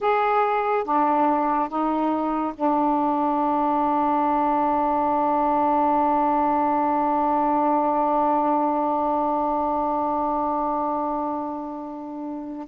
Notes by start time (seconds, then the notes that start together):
0.00 G#4
0.84 D4
1.69 D#4
2.54 D4